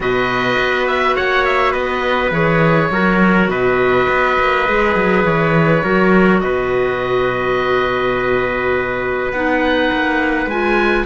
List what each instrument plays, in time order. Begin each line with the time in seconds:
0.00 cello B2, clarinet F#4, trumpet B4, oboe D#5
0.58 cello B3
0.87 oboe E5
1.15 cello A#3, trumpet C#5, oboe F#5
1.44 oboe E5
1.71 cello B3, trumpet B4, oboe D#5
2.31 cello E3, clarinet G#4, oboe C#5
2.90 cello F#3, clarinet F#4, trumpet A#4
3.48 cello B2, trumpet B4, oboe D#5
4.08 cello B3
4.39 cello A#3
4.67 cello G#3, clarinet G#4
4.95 cello F#3
5.24 cello E3, oboe C#5
5.83 cello F#3, clarinet F#4, trumpet A#4
6.40 cello B2, trumpet B4, oboe D#5
9.32 cello B3, clarinet D#4, oboe F#5
9.92 cello A#3
10.46 cello G#3, clarinet F4, oboe G#5